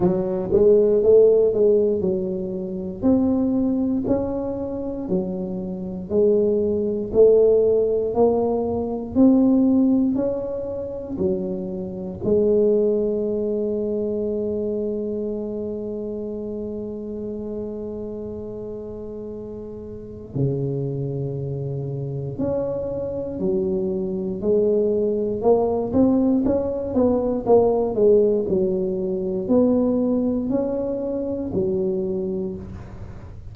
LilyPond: \new Staff \with { instrumentName = "tuba" } { \time 4/4 \tempo 4 = 59 fis8 gis8 a8 gis8 fis4 c'4 | cis'4 fis4 gis4 a4 | ais4 c'4 cis'4 fis4 | gis1~ |
gis1 | cis2 cis'4 fis4 | gis4 ais8 c'8 cis'8 b8 ais8 gis8 | fis4 b4 cis'4 fis4 | }